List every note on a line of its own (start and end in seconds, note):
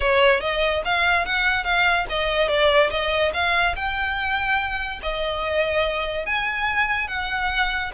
0.00 0.40 C#5
0.40 0.82 D#5
0.84 1.25 F5
1.25 1.64 F#5
1.64 2.05 F5
2.09 2.48 D#5
2.48 2.90 D5
2.90 3.32 D#5
3.33 3.75 F5
3.75 5.00 G5
5.02 6.25 D#5
6.25 7.07 G#5
7.07 7.91 F#5